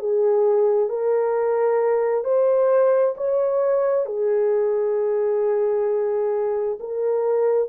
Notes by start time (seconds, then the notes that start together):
0.00 G#4
0.89 A#4
2.24 C5
3.17 C#5
4.06 G#4
6.80 A#4